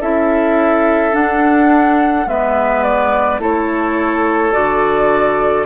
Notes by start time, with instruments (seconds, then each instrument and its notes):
0.00 bassoon C#4, clarinet E4, oboe A4, flute E5
1.12 clarinet D4, bassoon D4, flute F#5
2.26 bassoon G#3, clarinet B3, oboe B4, flute E5
2.83 flute D5
3.39 bassoon A3, clarinet E4, oboe A4, flute C#5
4.52 bassoon D3, clarinet F#4, flute D5